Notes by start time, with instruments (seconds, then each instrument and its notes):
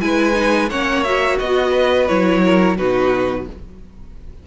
0.00 cello G#3, viola E4, violin B4 G#5
0.33 viola D#4
0.69 cello A#3, viola C#4, violin C#5 F#5
1.03 viola F#4, violin E5
1.37 cello B3, violin F#4 D#5
1.70 violin B4
2.07 cello F#3, viola E4, violin C#5
2.43 violin A#4
2.77 cello B2, viola D#4, violin F#4 B4